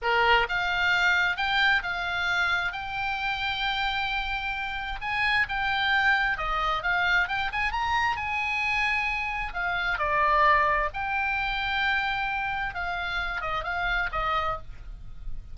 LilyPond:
\new Staff \with { instrumentName = "oboe" } { \time 4/4 \tempo 4 = 132 ais'4 f''2 g''4 | f''2 g''2~ | g''2. gis''4 | g''2 dis''4 f''4 |
g''8 gis''8 ais''4 gis''2~ | gis''4 f''4 d''2 | g''1 | f''4. dis''8 f''4 dis''4 | }